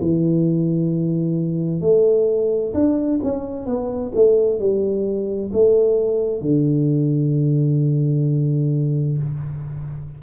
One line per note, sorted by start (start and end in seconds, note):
0.00 1.81 E3
1.81 2.73 A3
2.74 3.20 D4
3.23 3.66 C#4
3.66 4.12 B3
4.15 4.59 A3
4.59 5.51 G3
5.53 6.41 A3
6.41 9.18 D3